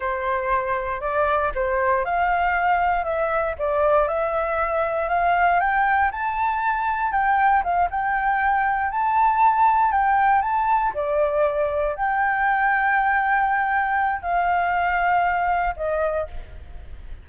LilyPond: \new Staff \with { instrumentName = "flute" } { \time 4/4 \tempo 4 = 118 c''2 d''4 c''4 | f''2 e''4 d''4 | e''2 f''4 g''4 | a''2 g''4 f''8 g''8~ |
g''4. a''2 g''8~ | g''8 a''4 d''2 g''8~ | g''1 | f''2. dis''4 | }